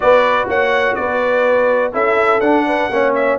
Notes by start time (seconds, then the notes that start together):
0.00 B3 F#4 B4 D5
0.47 A#3 C#5 F#5
0.95 B3 B4 D5
1.92 C#4 E4 A4 E5
2.40 D4 F#5
2.66 B4
2.90 A#3 C#4 C#5
3.14 E5